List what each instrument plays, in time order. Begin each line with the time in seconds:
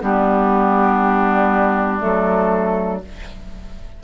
0.00 bassoon G3, clarinet B3, oboe D4, flute G4
1.99 bassoon F#3, clarinet A3, flute A4